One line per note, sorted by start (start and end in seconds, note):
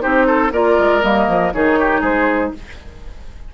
0.00 0.51 C4
0.00 0.50 D#4
0.00 0.26 G4
0.00 0.51 C5
0.26 0.52 A4
0.51 0.77 A#3
0.51 1.02 F4
0.51 1.53 A#4
0.51 1.02 D5
0.78 1.03 G#3
1.02 1.28 G3
1.02 1.52 A#3
1.02 1.52 D#5
1.28 1.53 F3
1.53 2.01 D#3
1.53 2.54 D#4
1.53 1.79 G#4
1.53 2.03 C#5
1.79 2.00 G4
2.00 2.51 G#3
2.00 2.51 G#4
2.00 2.53 C5